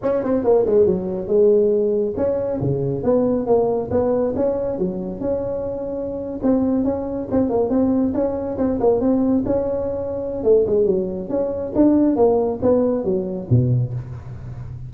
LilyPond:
\new Staff \with { instrumentName = "tuba" } { \time 4/4 \tempo 4 = 138 cis'8 c'8 ais8 gis8 fis4 gis4~ | gis4 cis'4 cis4 b4 | ais4 b4 cis'4 fis4 | cis'2~ cis'8. c'4 cis'16~ |
cis'8. c'8 ais8 c'4 cis'4 c'16~ | c'16 ais8 c'4 cis'2~ cis'16 | a8 gis8 fis4 cis'4 d'4 | ais4 b4 fis4 b,4 | }